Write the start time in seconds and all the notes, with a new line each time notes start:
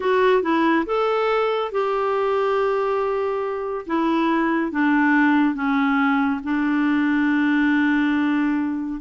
0.00 F#4
0.42 E4
0.86 A4
1.71 G4
3.86 E4
4.71 D4
5.54 C#4
6.43 D4